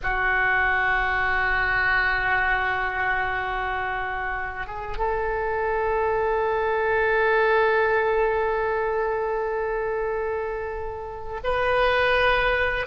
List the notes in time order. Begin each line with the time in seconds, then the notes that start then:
0.02 F#4
4.67 G#4
4.97 A4
11.43 B4